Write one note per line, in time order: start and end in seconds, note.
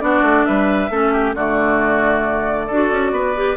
0.00 0.22 B3
0.00 0.90 D4
0.00 0.47 F#4
0.00 0.45 D5
0.22 0.44 A3
0.45 0.90 G3
0.45 0.91 B4
0.45 1.35 E5
0.90 1.35 A3
0.90 1.36 C#4
0.90 1.13 A4
1.13 1.35 G4
1.35 2.70 D3
1.35 2.71 A3
1.35 2.67 F#4
1.35 3.57 D5
2.67 2.92 D4
2.67 3.36 F#4
2.67 3.12 A4
2.92 3.12 C#4
3.12 3.57 B3
3.12 3.57 B4
3.36 3.57 G4